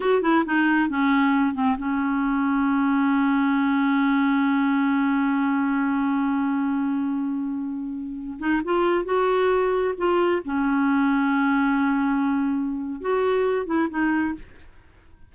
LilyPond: \new Staff \with { instrumentName = "clarinet" } { \time 4/4 \tempo 4 = 134 fis'8 e'8 dis'4 cis'4. c'8 | cis'1~ | cis'1~ | cis'1~ |
cis'2~ cis'8. dis'8 f'8.~ | f'16 fis'2 f'4 cis'8.~ | cis'1~ | cis'4 fis'4. e'8 dis'4 | }